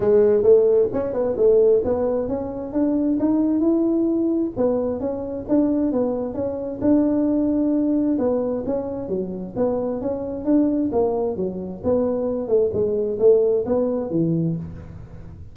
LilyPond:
\new Staff \with { instrumentName = "tuba" } { \time 4/4 \tempo 4 = 132 gis4 a4 cis'8 b8 a4 | b4 cis'4 d'4 dis'4 | e'2 b4 cis'4 | d'4 b4 cis'4 d'4~ |
d'2 b4 cis'4 | fis4 b4 cis'4 d'4 | ais4 fis4 b4. a8 | gis4 a4 b4 e4 | }